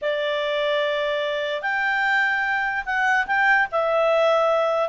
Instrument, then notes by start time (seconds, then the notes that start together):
clarinet
0.01 D5
1.61 G5
2.85 F#5
3.27 G5
3.71 E5